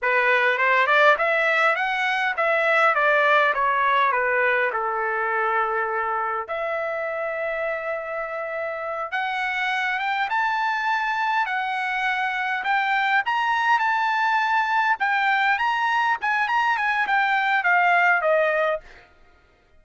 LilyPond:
\new Staff \with { instrumentName = "trumpet" } { \time 4/4 \tempo 4 = 102 b'4 c''8 d''8 e''4 fis''4 | e''4 d''4 cis''4 b'4 | a'2. e''4~ | e''2.~ e''8 fis''8~ |
fis''4 g''8 a''2 fis''8~ | fis''4. g''4 ais''4 a''8~ | a''4. g''4 ais''4 gis''8 | ais''8 gis''8 g''4 f''4 dis''4 | }